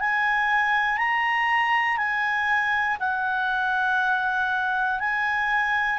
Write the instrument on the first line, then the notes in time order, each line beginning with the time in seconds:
clarinet
0.00 G#5
0.98 A#5
1.97 G#5
3.00 F#5
5.00 G#5